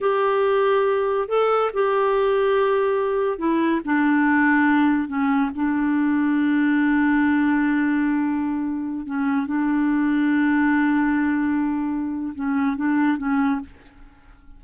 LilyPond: \new Staff \with { instrumentName = "clarinet" } { \time 4/4 \tempo 4 = 141 g'2. a'4 | g'1 | e'4 d'2. | cis'4 d'2.~ |
d'1~ | d'4~ d'16 cis'4 d'4.~ d'16~ | d'1~ | d'4 cis'4 d'4 cis'4 | }